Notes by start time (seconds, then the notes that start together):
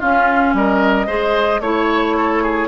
0.00 C#4 F4 F5
0.54 G3 A#4 D#5
1.07 G#3 G#4 C5
1.60 A3 E4 C#5
2.17 A4
2.43 G#4